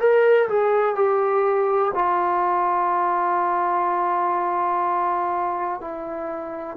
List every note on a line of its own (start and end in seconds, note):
0.00 0.48 A#4
0.49 0.95 G#4
0.95 1.92 G4
1.94 5.81 F4
5.81 6.77 E4